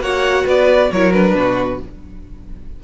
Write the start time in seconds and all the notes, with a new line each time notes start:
0.00 A#3 F#4 C#5 F#5
0.45 B3 B4 D5
0.91 F#3 E4 A#4 C#5
1.13 D4 B4
1.34 B2 F#4